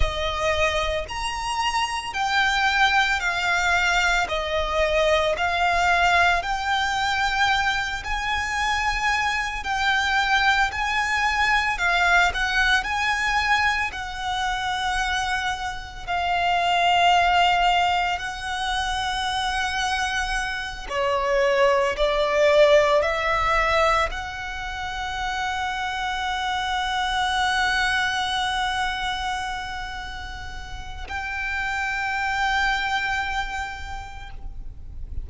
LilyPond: \new Staff \with { instrumentName = "violin" } { \time 4/4 \tempo 4 = 56 dis''4 ais''4 g''4 f''4 | dis''4 f''4 g''4. gis''8~ | gis''4 g''4 gis''4 f''8 fis''8 | gis''4 fis''2 f''4~ |
f''4 fis''2~ fis''8 cis''8~ | cis''8 d''4 e''4 fis''4.~ | fis''1~ | fis''4 g''2. | }